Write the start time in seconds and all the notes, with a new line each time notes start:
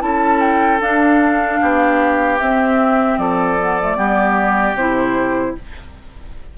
0.00 C#4 E4 A4 A5
0.41 G5
0.80 D4 F5
1.61 B3 G4
2.39 C4 E5
3.18 F3 A4 D5
3.60 B3
3.80 A3
3.96 G3 B3 G4
4.74 C3 E4 C5